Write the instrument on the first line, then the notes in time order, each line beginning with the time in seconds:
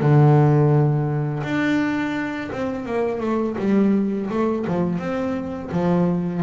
double bass
0.00 D3
1.43 D4
2.52 C4
2.85 A#3
3.20 A3
3.58 G3
4.30 A3
4.67 F3
4.98 C4
5.71 F3